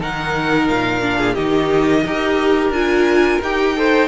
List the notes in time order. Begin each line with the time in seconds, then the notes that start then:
0.00 D#3 D#4 A#4 F#5
0.68 A#2 F5
1.02 D4
1.19 G#4
1.34 D#3 D#4 G4 D#5
2.07 D#4 G4 A#4
2.70 D4 F4 G#5
3.43 D#4 G4 G5
3.77 A4 C5